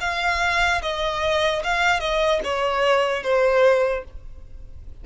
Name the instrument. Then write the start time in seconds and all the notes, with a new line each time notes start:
violin
0.00 F5
0.81 D#5
1.63 F5
2.00 D#5
2.44 C#5
3.23 C5